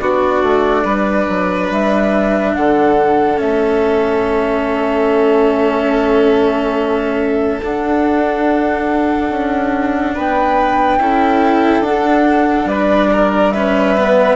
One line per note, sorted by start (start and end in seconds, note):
0.00 0.43 B3
0.00 3.37 D4
0.00 0.84 F#4
0.00 1.69 D5
0.43 0.84 A3
0.84 1.27 G3
0.84 2.53 B4
1.29 1.71 F#3
1.71 2.56 G3
1.71 2.54 E5
2.54 3.41 D3
2.54 10.14 A4
2.54 3.39 F#5
3.37 7.61 A3
3.37 7.60 C#4
3.37 7.62 E5
7.61 9.30 D4
7.61 10.99 D4
7.61 10.16 F#5
9.30 10.14 C#4
10.14 10.99 B3
10.14 10.99 B4
10.14 11.84 G5
10.99 11.80 C#4
10.99 11.84 E4
10.99 12.68 A4
11.80 12.65 D4
11.80 13.53 D4
11.80 12.68 F#5
12.65 14.34 G3
12.65 13.10 B4
12.65 13.52 D5
13.12 13.54 A#4
13.52 13.97 C#4
13.52 14.36 B4
13.52 14.36 E5
13.97 14.36 B3